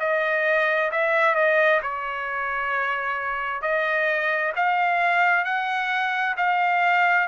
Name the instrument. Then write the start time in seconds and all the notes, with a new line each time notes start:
trumpet
0.00 D#5
0.92 E5
1.36 D#5
1.82 C#5
3.62 D#5
4.56 F5
5.45 F#5
6.37 F5